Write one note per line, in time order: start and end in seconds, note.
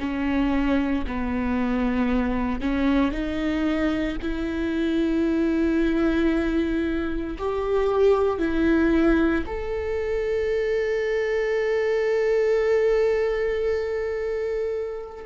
0.00 1.05 C#4
1.07 2.61 B3
2.61 3.11 C#4
3.11 4.17 D#4
4.22 7.37 E4
7.38 8.39 G4
8.39 9.44 E4
9.46 15.25 A4